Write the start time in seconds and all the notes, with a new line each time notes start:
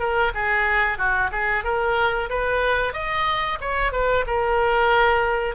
0.00 A#4
0.35 G#4
0.98 F#4
1.32 G#4
1.65 A#4
2.30 B4
2.94 D#5
3.61 C#5
3.93 B4
4.27 A#4